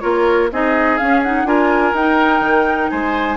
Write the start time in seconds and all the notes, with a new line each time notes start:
0.00 A#3 F4 A#4 C#5
0.51 C4 D#4 G#4 D#5
0.97 C#4 F5
1.23 D#4 F#5
1.44 D4 F4 A#4 G#5
1.93 D#4 G5
2.40 D#3
2.90 G#3 C5 G#5